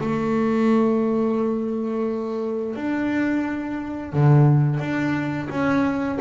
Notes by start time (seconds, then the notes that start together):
0.00 A3
2.76 D4
4.13 D3
4.79 D4
5.50 C#4